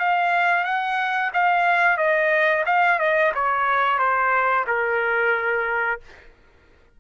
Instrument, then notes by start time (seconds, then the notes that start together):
trumpet
0.00 F5
0.65 F#5
1.34 F5
1.98 D#5
2.66 F5
2.99 D#5
3.35 C#5
3.99 C5
4.67 A#4